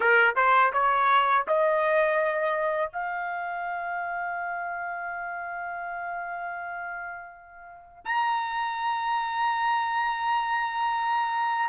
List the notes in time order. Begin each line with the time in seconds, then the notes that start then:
0.00 A#4
0.35 C5
0.73 C#5
1.47 D#5
2.92 F5
8.05 A#5